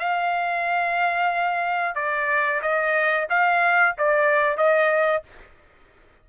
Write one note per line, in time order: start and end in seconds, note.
0.00 1.95 F5
1.95 2.61 D5
2.62 3.28 D#5
3.30 3.96 F5
3.98 4.57 D5
4.57 5.23 D#5